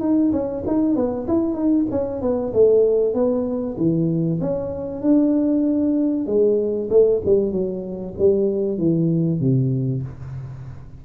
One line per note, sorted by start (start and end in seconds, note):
0.00 0.31 D#4
0.32 0.64 C#4
0.67 0.95 D#4
0.95 1.27 B3
1.27 1.54 E4
1.54 1.85 D#4
1.91 2.21 C#4
2.21 2.53 B3
2.53 3.14 A3
3.14 3.76 B3
3.77 4.39 E3
4.41 5.02 C#4
5.02 6.26 D4
6.26 6.89 G#3
6.90 7.21 A3
7.25 7.51 G3
7.51 8.14 F#3
8.18 8.78 G3
8.78 9.40 E3
9.40 10.02 C3